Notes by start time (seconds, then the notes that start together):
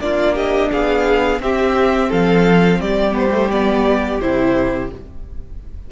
0.00 A#3 D4 F4 D5
0.34 G4 D#5
0.71 B3 G#4 F5
1.39 C4 G4 E5
2.09 F3 A4 F5
2.80 G3 G4 D5
3.11 B3 C5
3.32 A3
3.51 B3 D5
4.20 C3 E4 C5